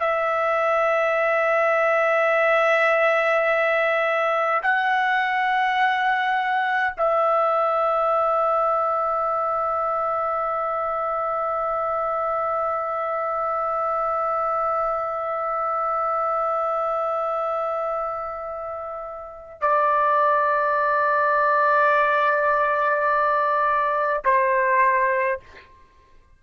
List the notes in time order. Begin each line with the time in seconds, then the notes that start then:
0.00 E5
4.63 F#5
6.97 E5
19.62 D5
24.25 C5